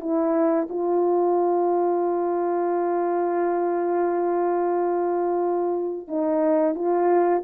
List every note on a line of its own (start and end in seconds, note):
0.00 0.67 E4
0.69 6.08 F4
6.08 6.75 D#4
6.75 7.42 F4